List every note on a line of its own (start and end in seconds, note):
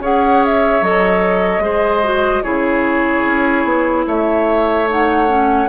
0.00 0.81 C#4
0.00 0.83 G#4
0.00 1.63 C#5
0.00 0.45 F#5
0.45 0.84 E5
0.82 1.59 F#3
0.82 1.61 A4
0.82 2.43 D#5
1.59 2.41 G#3
1.59 2.02 G#4
1.59 2.43 C5
2.03 2.43 F#4
2.43 3.26 C#3
2.43 4.87 E4
2.43 4.06 G#4
2.43 4.05 C#5
3.26 3.64 C#4
3.64 4.05 B3
4.07 5.69 A3
4.07 5.69 C#5
4.07 4.89 E5
4.89 5.28 D#4
4.89 5.69 F#5
5.28 5.68 C#4